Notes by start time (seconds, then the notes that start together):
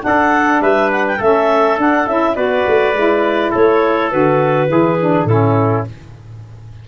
0.00 D4 F#5
0.07 A4
0.61 G3 B4 E5
0.92 F#5
1.08 G5
1.18 A3 C#4 A4 E5
1.78 D4 F#5
2.07 C#4 E4 E5
2.35 B3 F#4 B4 D5
2.67 A3
2.93 G#3 E4
3.51 A3 A4 C#5
4.11 D3 F#4 B4
4.68 E3 E4 G#4
5.00 D4
5.25 A2 C#4 E4 A4